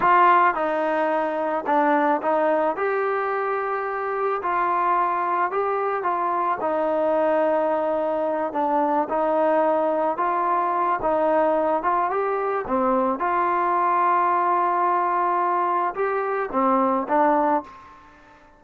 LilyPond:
\new Staff \with { instrumentName = "trombone" } { \time 4/4 \tempo 4 = 109 f'4 dis'2 d'4 | dis'4 g'2. | f'2 g'4 f'4 | dis'2.~ dis'8 d'8~ |
d'8 dis'2 f'4. | dis'4. f'8 g'4 c'4 | f'1~ | f'4 g'4 c'4 d'4 | }